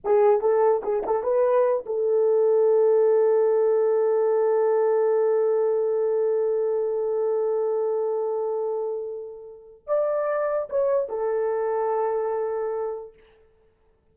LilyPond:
\new Staff \with { instrumentName = "horn" } { \time 4/4 \tempo 4 = 146 gis'4 a'4 gis'8 a'8 b'4~ | b'8 a'2.~ a'8~ | a'1~ | a'1~ |
a'1~ | a'1 | d''2 cis''4 a'4~ | a'1 | }